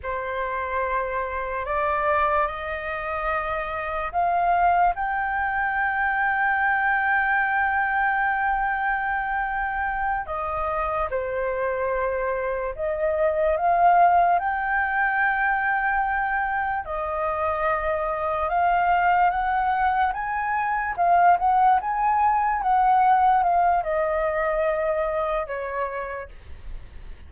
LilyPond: \new Staff \with { instrumentName = "flute" } { \time 4/4 \tempo 4 = 73 c''2 d''4 dis''4~ | dis''4 f''4 g''2~ | g''1~ | g''8 dis''4 c''2 dis''8~ |
dis''8 f''4 g''2~ g''8~ | g''8 dis''2 f''4 fis''8~ | fis''8 gis''4 f''8 fis''8 gis''4 fis''8~ | fis''8 f''8 dis''2 cis''4 | }